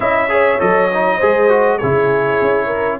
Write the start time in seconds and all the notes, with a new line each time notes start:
0.00 C#4 E4 D#5 E5
0.29 G#4 C#5
0.59 F#3 A4 D#5
0.93 D#4
1.17 G#3 G#4 C5
1.48 F#4
1.78 C#3 E4 G#4 C#5
2.41 C#4
2.66 A#4